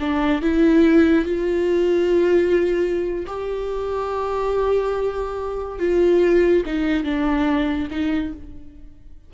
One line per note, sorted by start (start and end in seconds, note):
0.00 0.42 D4
0.42 1.25 E4
1.25 3.26 F4
3.27 5.79 G4
5.79 6.63 F4
6.66 7.04 D#4
7.04 7.88 D4
7.91 8.33 D#4